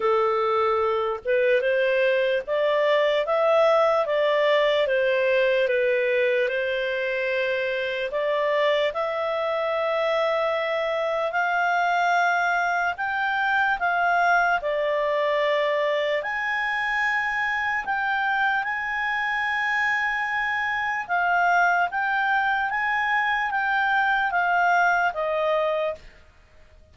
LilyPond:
\new Staff \with { instrumentName = "clarinet" } { \time 4/4 \tempo 4 = 74 a'4. b'8 c''4 d''4 | e''4 d''4 c''4 b'4 | c''2 d''4 e''4~ | e''2 f''2 |
g''4 f''4 d''2 | gis''2 g''4 gis''4~ | gis''2 f''4 g''4 | gis''4 g''4 f''4 dis''4 | }